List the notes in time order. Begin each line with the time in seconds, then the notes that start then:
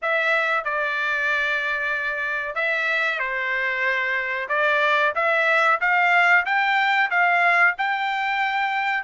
0.01 E5
0.64 D5
2.55 E5
3.19 C5
4.48 D5
5.15 E5
5.80 F5
6.45 G5
7.10 F5
7.77 G5